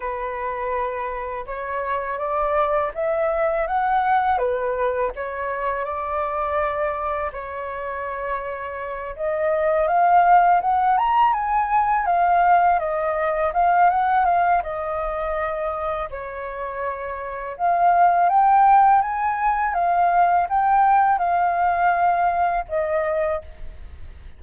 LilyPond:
\new Staff \with { instrumentName = "flute" } { \time 4/4 \tempo 4 = 82 b'2 cis''4 d''4 | e''4 fis''4 b'4 cis''4 | d''2 cis''2~ | cis''8 dis''4 f''4 fis''8 ais''8 gis''8~ |
gis''8 f''4 dis''4 f''8 fis''8 f''8 | dis''2 cis''2 | f''4 g''4 gis''4 f''4 | g''4 f''2 dis''4 | }